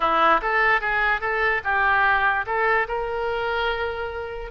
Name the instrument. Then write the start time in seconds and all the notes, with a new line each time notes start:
oboe
0.00 E4
0.41 A4
0.81 G#4
1.21 A4
1.63 G4
2.46 A4
2.88 A#4